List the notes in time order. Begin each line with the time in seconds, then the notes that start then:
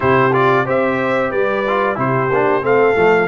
0.00 C3 E4 G4 C5
0.33 F4 D5
0.65 C4 G4 C5 E5
1.30 G3 B4 D5
1.67 F4
1.95 C3 E4 G4 C5
2.30 A#3 D4
2.62 A3 C4 A4 F5
2.94 F3 A3